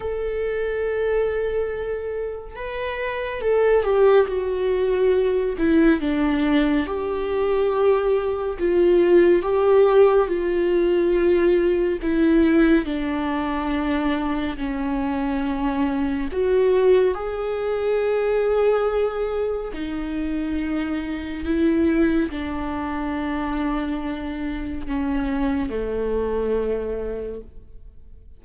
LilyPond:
\new Staff \with { instrumentName = "viola" } { \time 4/4 \tempo 4 = 70 a'2. b'4 | a'8 g'8 fis'4. e'8 d'4 | g'2 f'4 g'4 | f'2 e'4 d'4~ |
d'4 cis'2 fis'4 | gis'2. dis'4~ | dis'4 e'4 d'2~ | d'4 cis'4 a2 | }